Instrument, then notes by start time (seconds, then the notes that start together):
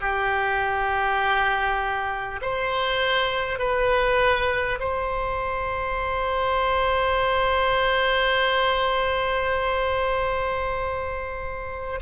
oboe
0.00 G4
2.41 C5
3.58 B4
4.79 C5